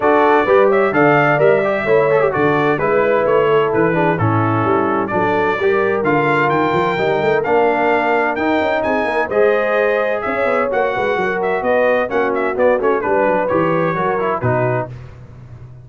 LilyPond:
<<
  \new Staff \with { instrumentName = "trumpet" } { \time 4/4 \tempo 4 = 129 d''4. e''8 f''4 e''4~ | e''4 d''4 b'4 cis''4 | b'4 a'2 d''4~ | d''4 f''4 g''2 |
f''2 g''4 gis''4 | dis''2 e''4 fis''4~ | fis''8 e''8 dis''4 fis''8 e''8 d''8 cis''8 | b'4 cis''2 b'4 | }
  \new Staff \with { instrumentName = "horn" } { \time 4/4 a'4 b'8 cis''8 d''2 | cis''4 a'4 b'4. a'8~ | a'8 gis'8 e'2 a'4 | ais'1~ |
ais'2. gis'8 ais'8 | c''2 cis''4. b'8 | ais'4 b'4 fis'2 | b'2 ais'4 fis'4 | }
  \new Staff \with { instrumentName = "trombone" } { \time 4/4 fis'4 g'4 a'4 ais'8 g'8 | e'8 a'16 g'16 fis'4 e'2~ | e'8 d'8 cis'2 d'4 | g'4 f'2 dis'4 |
d'2 dis'2 | gis'2. fis'4~ | fis'2 cis'4 b8 cis'8 | d'4 g'4 fis'8 e'8 dis'4 | }
  \new Staff \with { instrumentName = "tuba" } { \time 4/4 d'4 g4 d4 g4 | a4 d4 gis4 a4 | e4 a,4 g4 fis4 | g4 d4 dis8 f8 g8 a8 |
ais2 dis'8 cis'8 c'8 ais8 | gis2 cis'8 b8 ais8 gis8 | fis4 b4 ais4 b8 a8 | g8 fis8 e4 fis4 b,4 | }
>>